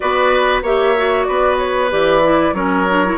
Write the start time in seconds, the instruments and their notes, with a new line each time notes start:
0.00 bassoon B3, clarinet F#4, oboe B4, flute D5
0.62 bassoon A#3, clarinet G4, oboe C#5, flute E5
0.96 clarinet F#4
1.24 bassoon B3, oboe B4, flute D5
1.58 flute C#5
1.89 bassoon E3, clarinet G4, flute D5
2.23 clarinet E4
2.53 bassoon F#3, clarinet C#4, oboe A#4, flute C#5
2.89 clarinet D4
3.05 clarinet E4